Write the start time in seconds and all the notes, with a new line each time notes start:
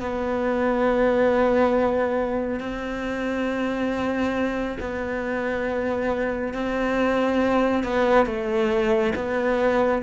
0.00 B3
2.60 C4
4.80 B3
6.53 C4
7.83 B3
8.26 A3
9.15 B3